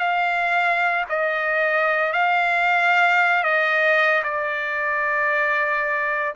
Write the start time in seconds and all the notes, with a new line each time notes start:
0.00 F5
1.10 D#5
2.13 F5
3.44 D#5
4.24 D5